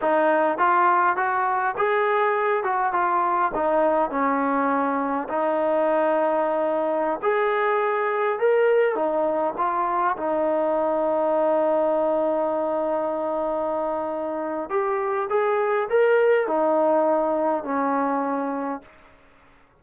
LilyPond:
\new Staff \with { instrumentName = "trombone" } { \time 4/4 \tempo 4 = 102 dis'4 f'4 fis'4 gis'4~ | gis'8 fis'8 f'4 dis'4 cis'4~ | cis'4 dis'2.~ | dis'16 gis'2 ais'4 dis'8.~ |
dis'16 f'4 dis'2~ dis'8.~ | dis'1~ | dis'4 g'4 gis'4 ais'4 | dis'2 cis'2 | }